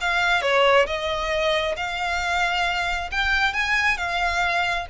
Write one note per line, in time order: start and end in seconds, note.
0.00 0.41 F5
0.41 0.86 C#5
0.86 1.75 D#5
1.76 3.10 F5
3.11 3.53 G5
3.53 3.97 G#5
3.97 4.86 F5